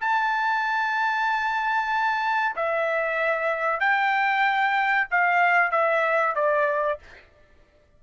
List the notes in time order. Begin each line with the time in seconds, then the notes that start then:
0.00 A5
2.56 E5
3.80 G5
5.10 F5
5.71 E5
6.35 D5